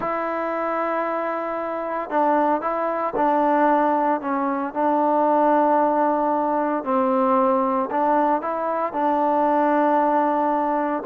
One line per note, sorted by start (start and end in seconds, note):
0.00 2.10 E4
2.10 2.61 D4
2.61 3.13 E4
3.16 4.21 D4
4.21 4.73 C#4
4.73 6.84 D4
6.84 7.89 C4
7.90 8.41 D4
8.41 8.92 E4
8.92 11.03 D4